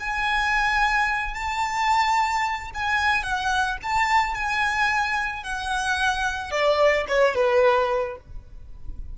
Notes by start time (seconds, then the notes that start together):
0.00 G#5
1.35 A5
2.75 G#5
3.23 F#5
3.83 A5
4.35 G#5
5.44 F#5
6.52 D5
7.08 C#5
7.35 B4